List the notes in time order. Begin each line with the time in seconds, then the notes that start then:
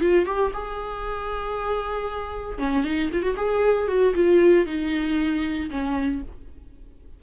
0.00 F4
0.25 G4
0.53 G#4
2.58 C#4
2.84 D#4
3.12 F4
3.22 F#4
3.36 G#4
3.87 F#4
4.14 F4
4.66 D#4
5.70 C#4